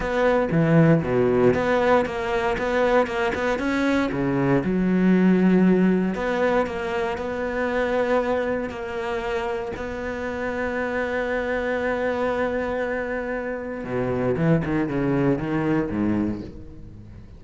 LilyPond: \new Staff \with { instrumentName = "cello" } { \time 4/4 \tempo 4 = 117 b4 e4 b,4 b4 | ais4 b4 ais8 b8 cis'4 | cis4 fis2. | b4 ais4 b2~ |
b4 ais2 b4~ | b1~ | b2. b,4 | e8 dis8 cis4 dis4 gis,4 | }